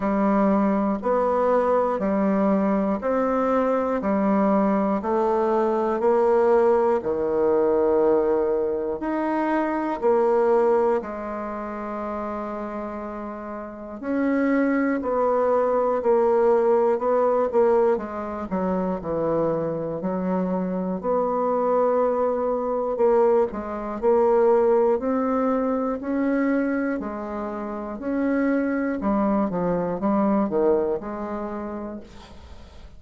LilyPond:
\new Staff \with { instrumentName = "bassoon" } { \time 4/4 \tempo 4 = 60 g4 b4 g4 c'4 | g4 a4 ais4 dis4~ | dis4 dis'4 ais4 gis4~ | gis2 cis'4 b4 |
ais4 b8 ais8 gis8 fis8 e4 | fis4 b2 ais8 gis8 | ais4 c'4 cis'4 gis4 | cis'4 g8 f8 g8 dis8 gis4 | }